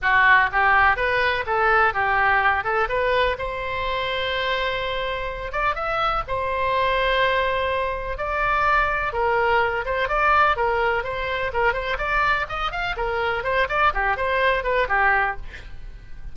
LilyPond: \new Staff \with { instrumentName = "oboe" } { \time 4/4 \tempo 4 = 125 fis'4 g'4 b'4 a'4 | g'4. a'8 b'4 c''4~ | c''2.~ c''8 d''8 | e''4 c''2.~ |
c''4 d''2 ais'4~ | ais'8 c''8 d''4 ais'4 c''4 | ais'8 c''8 d''4 dis''8 f''8 ais'4 | c''8 d''8 g'8 c''4 b'8 g'4 | }